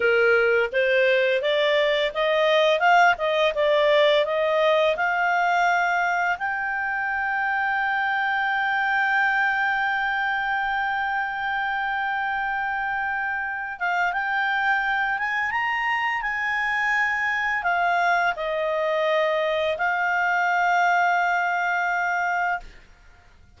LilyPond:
\new Staff \with { instrumentName = "clarinet" } { \time 4/4 \tempo 4 = 85 ais'4 c''4 d''4 dis''4 | f''8 dis''8 d''4 dis''4 f''4~ | f''4 g''2.~ | g''1~ |
g''2.~ g''8 f''8 | g''4. gis''8 ais''4 gis''4~ | gis''4 f''4 dis''2 | f''1 | }